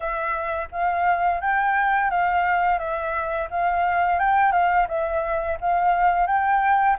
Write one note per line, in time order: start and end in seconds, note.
0.00 0.68 E5
0.71 1.40 F5
1.40 2.10 G5
2.10 2.78 F5
2.78 3.48 E5
3.50 4.19 F5
4.19 4.52 G5
4.52 4.86 F5
4.88 5.58 E5
5.60 6.26 F5
6.26 6.96 G5